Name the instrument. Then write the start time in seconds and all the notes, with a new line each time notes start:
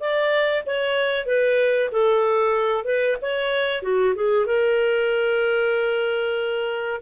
clarinet
0.00 D5
0.66 C#5
1.26 B4
1.91 A4
2.84 B4
3.21 C#5
3.83 F#4
4.15 G#4
4.46 A#4